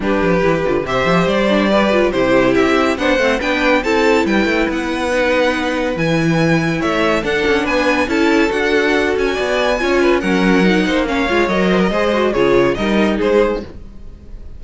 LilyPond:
<<
  \new Staff \with { instrumentName = "violin" } { \time 4/4 \tempo 4 = 141 b'2 e''4 d''4~ | d''4 c''4 e''4 fis''4 | g''4 a''4 g''4 fis''4~ | fis''2 gis''2 |
e''4 fis''4 gis''4 a''4 | fis''4. gis''2~ gis''8 | fis''2 f''4 dis''4~ | dis''4 cis''4 dis''4 c''4 | }
  \new Staff \with { instrumentName = "violin" } { \time 4/4 g'2 c''2 | b'4 g'2 c''4 | b'4 a'4 b'2~ | b'1 |
cis''4 a'4 b'4 a'4~ | a'2 d''4 cis''8 b'8 | ais'4. c''8 cis''4. c''16 ais'16 | c''4 gis'4 ais'4 gis'4 | }
  \new Staff \with { instrumentName = "viola" } { \time 4/4 d'4 e'8 f'8 g'4. d'8 | g'8 f'8 e'2 d'8 c'8 | d'4 e'2. | dis'2 e'2~ |
e'4 d'2 e'4 | fis'2. f'4 | cis'4 dis'4 cis'8 f'8 ais'4 | gis'8 fis'8 f'4 dis'2 | }
  \new Staff \with { instrumentName = "cello" } { \time 4/4 g8 f8 e8 d8 c8 f8 g4~ | g4 c4 c'4 b8 a8 | b4 c'4 g8 a8 b4~ | b2 e2 |
a4 d'8 cis'8 b4 cis'4 | d'4. cis'8 b4 cis'4 | fis4. ais4 gis8 fis4 | gis4 cis4 g4 gis4 | }
>>